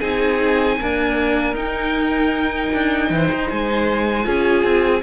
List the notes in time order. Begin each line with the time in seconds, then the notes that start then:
0.00 C4 D#4 G#4 G#5
0.80 A#3 D4 A#4
1.54 D#4 G5
2.73 D4
3.10 E3 C5
3.31 D#4
3.49 G#3 G#5
4.23 C#4 F4 G#4
4.63 C4